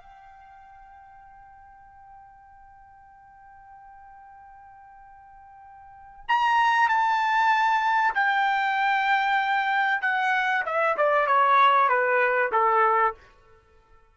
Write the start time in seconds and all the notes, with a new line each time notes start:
0.00 G5
6.28 A#5
6.89 A5
8.14 G5
10.02 F#5
10.66 E5
10.97 D5
11.27 C#5
11.89 B4
12.52 A4